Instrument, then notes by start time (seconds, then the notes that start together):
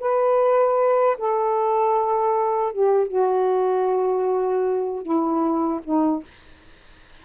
saxophone
0.00 B4
1.18 A4
2.72 G4
3.08 F#4
5.03 E4
5.84 D#4